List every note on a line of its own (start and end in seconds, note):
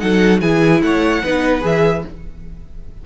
0.00 0.42 F#3
0.00 0.41 D#4
0.00 0.42 A4
0.00 0.41 F#5
0.41 0.82 E3
0.41 1.24 E4
0.41 0.83 G#4
0.41 0.82 G#5
0.82 1.23 A3
0.82 1.24 C#5
0.82 1.64 F#5
1.24 1.64 B3
1.24 1.61 D#4
1.24 2.05 B4
1.61 2.05 E3
1.61 2.02 G#4
1.61 2.06 E5